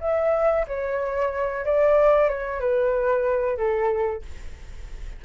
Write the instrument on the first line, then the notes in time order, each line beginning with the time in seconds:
flute
0.00 E5
0.67 C#5
1.65 D5
2.29 C#5
2.60 B4
3.57 A4